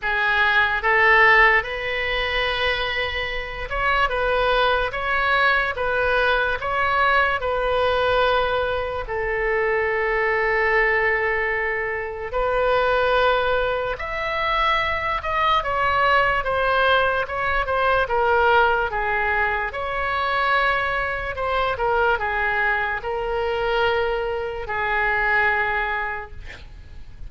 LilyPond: \new Staff \with { instrumentName = "oboe" } { \time 4/4 \tempo 4 = 73 gis'4 a'4 b'2~ | b'8 cis''8 b'4 cis''4 b'4 | cis''4 b'2 a'4~ | a'2. b'4~ |
b'4 e''4. dis''8 cis''4 | c''4 cis''8 c''8 ais'4 gis'4 | cis''2 c''8 ais'8 gis'4 | ais'2 gis'2 | }